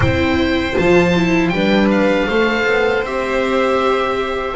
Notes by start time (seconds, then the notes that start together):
0.00 C4 E4 C5 G5
0.72 F4 A5
0.78 F3
1.15 E4
1.49 G3 D4 B4 G5
1.90 F5
2.28 A3 A4 C5
2.65 B3
3.03 C4 G4 E5